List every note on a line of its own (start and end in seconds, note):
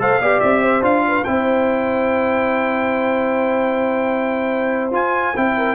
0.00 0.20 A3
0.00 0.21 A4
0.00 0.22 C5
0.00 0.40 F5
0.20 0.41 B3
0.20 0.82 G4
0.20 0.62 D5
0.40 0.83 C4
0.40 0.82 E5
0.62 1.04 C5
0.82 1.25 D4
0.82 1.24 F4
0.82 1.25 F5
1.08 1.26 B4
1.25 4.92 C4
1.25 4.93 E4
1.25 5.56 C5
1.25 4.92 G5
4.92 5.34 F4
4.92 5.35 F4
4.92 5.37 G#5
5.37 5.75 C4
5.37 5.75 E4
5.37 5.75 G5
5.57 5.75 A#4